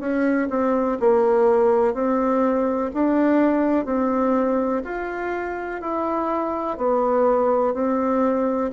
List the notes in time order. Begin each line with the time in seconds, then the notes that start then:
0.00 C#4
0.50 C4
1.00 A#3
1.94 C4
2.93 D4
3.85 C4
4.84 F4
5.81 E4
6.77 B3
7.74 C4